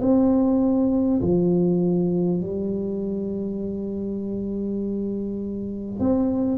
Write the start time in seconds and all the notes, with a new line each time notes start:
0.00 C4
1.21 F3
2.40 G3
5.99 C4